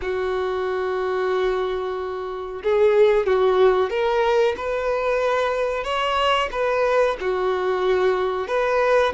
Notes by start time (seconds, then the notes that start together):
0.01 F#4
2.63 G#4
3.26 F#4
3.90 A#4
4.57 B4
5.83 C#5
6.51 B4
7.20 F#4
8.47 B4